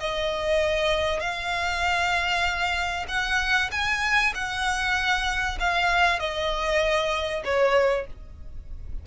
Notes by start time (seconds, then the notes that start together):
0.00 D#5
1.20 F5
3.08 F#5
3.71 G#5
4.35 F#5
5.60 F5
6.19 D#5
7.45 C#5